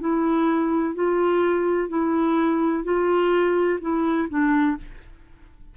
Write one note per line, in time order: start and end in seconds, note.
0.00 0.95 E4
0.95 1.89 F4
1.89 2.84 E4
2.84 3.80 F4
3.81 4.29 E4
4.29 4.77 D4